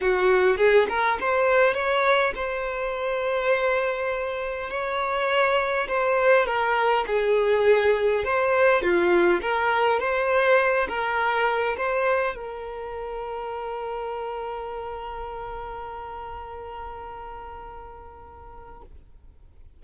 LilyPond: \new Staff \with { instrumentName = "violin" } { \time 4/4 \tempo 4 = 102 fis'4 gis'8 ais'8 c''4 cis''4 | c''1 | cis''2 c''4 ais'4 | gis'2 c''4 f'4 |
ais'4 c''4. ais'4. | c''4 ais'2.~ | ais'1~ | ais'1 | }